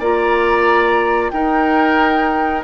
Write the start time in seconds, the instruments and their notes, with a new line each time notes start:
0.00 bassoon A#3, clarinet F4, oboe D5, flute A#5
1.30 bassoon D#4, clarinet D#4, oboe A#4, flute G5